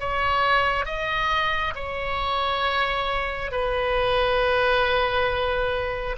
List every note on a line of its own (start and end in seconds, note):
0.00 0.86 C#5
0.86 1.74 D#5
1.76 3.52 C#5
3.52 6.17 B4